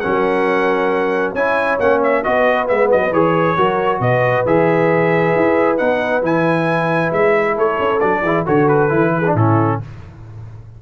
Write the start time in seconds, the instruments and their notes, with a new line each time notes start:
0.00 tuba F#3, trombone C#4, horn A#4, trumpet F#5
1.33 tuba C#4, trombone E4, horn C#5, trumpet G#5
1.80 tuba A#3, trombone C#4, trumpet F#5
2.04 trumpet E5
2.24 tuba B3, trombone F#4, horn B4, trumpet D#5
2.67 tuba G#3, trombone B3, trumpet E5
2.92 tuba F#3, trumpet D#5
3.12 tuba E3, trombone G#4, trumpet C#5
3.57 tuba F#3, trombone F#4, horn A#4
4.00 tuba B2, horn B4, trumpet D#5
4.46 tuba E3, trombone G#4, trumpet E5
5.36 tuba E4
5.78 tuba B3, trombone D#4, trumpet F#5
6.22 tuba E3, trombone E4, trumpet G#5
7.12 tuba G#3, trumpet E5
7.55 tuba A3, horn A4, trumpet C#5
7.79 tuba C#4
8.00 tuba F#3, trombone D4, trumpet D5
8.22 tuba E3, trombone E4, horn G#4
8.46 tuba D3, trombone F#4, horn A4, trumpet C#5
8.69 trumpet B4
8.89 tuba E3, trombone E4
9.18 horn G#4
9.27 trombone D4
9.35 tuba A2, trombone C#4, horn E4, trumpet A4